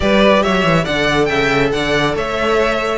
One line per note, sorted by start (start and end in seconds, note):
0.00 0.43 G3
0.00 0.85 G4
0.00 0.42 B4
0.00 0.42 D5
0.42 0.64 F#3
0.42 0.84 C#5
0.42 0.85 E5
0.64 0.85 E3
0.84 1.29 D3
0.84 2.97 A4
0.84 1.27 D5
0.84 1.25 F#5
1.25 1.72 C#3
1.25 1.71 E5
1.25 1.68 G5
1.72 2.15 D3
1.72 2.15 D5
1.72 2.15 F#5
2.15 2.97 A3
2.15 2.97 C#5
2.15 2.97 E5